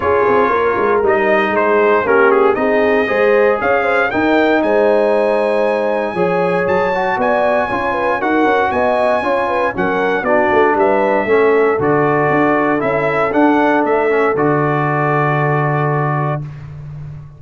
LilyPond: <<
  \new Staff \with { instrumentName = "trumpet" } { \time 4/4 \tempo 4 = 117 cis''2 dis''4 c''4 | ais'8 gis'8 dis''2 f''4 | g''4 gis''2.~ | gis''4 a''4 gis''2 |
fis''4 gis''2 fis''4 | d''4 e''2 d''4~ | d''4 e''4 fis''4 e''4 | d''1 | }
  \new Staff \with { instrumentName = "horn" } { \time 4/4 gis'4 ais'2 gis'4 | g'4 gis'4 c''4 cis''8 c''8 | ais'4 c''2. | cis''2 d''4 cis''8 b'8 |
ais'4 dis''4 cis''8 b'8 ais'4 | fis'4 b'4 a'2~ | a'1~ | a'1 | }
  \new Staff \with { instrumentName = "trombone" } { \time 4/4 f'2 dis'2 | cis'4 dis'4 gis'2 | dis'1 | gis'4. fis'4. f'4 |
fis'2 f'4 cis'4 | d'2 cis'4 fis'4~ | fis'4 e'4 d'4. cis'8 | fis'1 | }
  \new Staff \with { instrumentName = "tuba" } { \time 4/4 cis'8 c'8 ais8 gis8 g4 gis4 | ais4 c'4 gis4 cis'4 | dis'4 gis2. | f4 fis4 b4 cis'4 |
dis'8 cis'8 b4 cis'4 fis4 | b8 a8 g4 a4 d4 | d'4 cis'4 d'4 a4 | d1 | }
>>